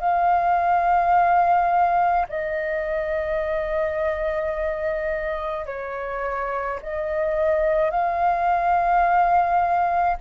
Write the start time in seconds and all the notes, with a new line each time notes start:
0.00 F5
2.28 D#5
5.66 C#5
6.82 D#5
7.90 F5